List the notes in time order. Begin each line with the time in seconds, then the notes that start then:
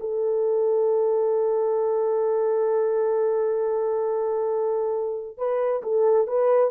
0.00 A4
5.37 B4
5.82 A4
6.27 B4